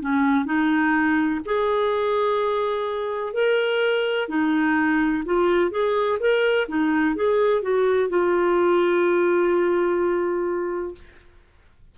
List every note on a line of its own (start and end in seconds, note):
0.00 0.45 C#4
0.45 1.40 D#4
1.45 3.33 G#4
3.33 4.28 A#4
4.28 5.23 D#4
5.25 5.71 F4
5.71 6.18 G#4
6.19 6.67 A#4
6.68 7.15 D#4
7.15 7.62 G#4
7.62 8.09 F#4
8.09 10.94 F4